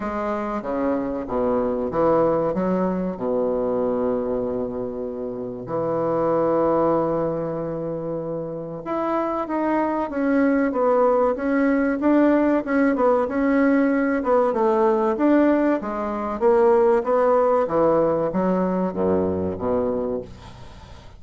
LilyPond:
\new Staff \with { instrumentName = "bassoon" } { \time 4/4 \tempo 4 = 95 gis4 cis4 b,4 e4 | fis4 b,2.~ | b,4 e2.~ | e2 e'4 dis'4 |
cis'4 b4 cis'4 d'4 | cis'8 b8 cis'4. b8 a4 | d'4 gis4 ais4 b4 | e4 fis4 fis,4 b,4 | }